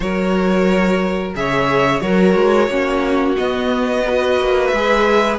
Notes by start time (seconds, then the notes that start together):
0.00 F#3 F#4 A#4 C#5
1.34 C#3 G#4 C#5 E5
2.00 F#3 F#4 A#4 C#5
2.35 G#3
2.68 A#3 C#4 F#4
3.36 B3 D#5
4.04 F#4 B4
4.39 A#3
4.67 G#3 E5
4.75 G#4